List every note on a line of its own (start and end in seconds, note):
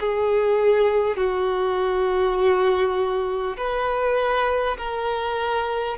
0.00 1.17 G#4
1.17 3.57 F#4
3.57 4.77 B4
4.78 5.98 A#4